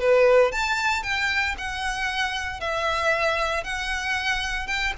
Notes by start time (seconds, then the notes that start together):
0.00 B4
0.52 A5
1.03 G5
1.58 F#5
2.60 E5
3.64 F#5
4.67 G5